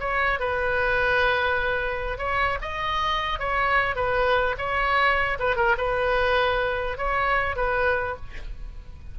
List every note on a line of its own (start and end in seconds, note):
0.00 0.40 C#5
0.40 2.18 B4
2.18 2.58 C#5
2.61 3.39 D#5
3.39 3.96 C#5
3.96 4.56 B4
4.58 5.38 C#5
5.39 5.56 B4
5.56 5.76 A#4
5.78 6.98 B4
6.98 7.56 C#5
7.56 8.16 B4